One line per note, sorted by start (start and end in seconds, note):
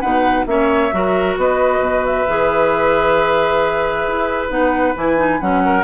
0.00 0.46 B2
0.00 0.46 D#4
0.00 0.45 B4
0.00 0.45 F#5
0.46 0.91 A#3
0.46 0.91 C#4
0.46 0.94 C#5
0.46 1.36 E5
0.92 1.37 F#3
0.92 2.26 F#4
0.92 1.39 A#4
1.37 1.79 B3
1.37 5.64 B4
1.37 2.05 D#5
1.79 2.24 B2
2.05 4.50 E5
2.28 4.07 E3
2.28 4.49 G#4
4.07 4.49 E4
4.49 4.94 B3
4.49 4.94 D#4
4.49 4.95 F#5
4.96 5.41 E3
4.96 5.16 E4
4.96 5.40 G#5
5.16 5.39 D#4
5.40 5.83 F#3
5.40 5.83 C#4
5.40 5.83 F#5
5.65 5.83 A#4